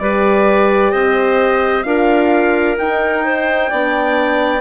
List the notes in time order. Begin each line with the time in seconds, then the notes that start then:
0.00 G3 G4 B4 D5
0.92 C4 C5 D#5
1.83 D4 F4 A#4 F5
2.79 D#4 G5
3.25 C5
3.70 B3 D4 D5